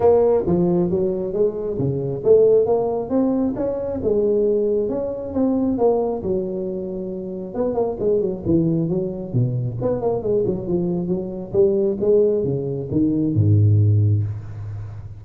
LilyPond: \new Staff \with { instrumentName = "tuba" } { \time 4/4 \tempo 4 = 135 ais4 f4 fis4 gis4 | cis4 a4 ais4 c'4 | cis'4 gis2 cis'4 | c'4 ais4 fis2~ |
fis4 b8 ais8 gis8 fis8 e4 | fis4 b,4 b8 ais8 gis8 fis8 | f4 fis4 g4 gis4 | cis4 dis4 gis,2 | }